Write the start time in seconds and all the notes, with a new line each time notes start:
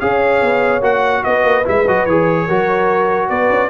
0.00 C#4 G#4 C#5 F5
0.42 B3
0.81 A#3 F#4 F#5
1.24 B3 B4 D#5
1.44 A#3
1.64 G#3 E4 E5
1.88 F#3 F#4 D#5
2.06 E3 G#4 C#5
2.45 F#3 F#4 A#4
3.29 B3 B4 D5
3.49 C#4